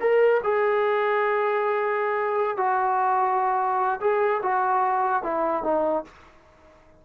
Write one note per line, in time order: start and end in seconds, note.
0.00 0.41 A#4
0.43 2.57 G#4
2.57 4.00 F#4
4.00 4.41 G#4
4.42 5.23 F#4
5.23 5.63 E4
5.63 6.04 D#4